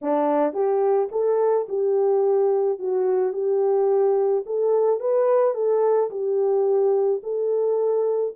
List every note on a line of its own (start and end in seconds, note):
0.01 0.53 D4
0.53 1.08 G4
1.11 1.67 A4
1.68 2.79 G4
2.79 3.33 F#4
3.33 4.44 G4
4.46 5.00 A4
5.00 5.54 B4
5.54 6.10 A4
6.10 7.21 G4
7.23 8.34 A4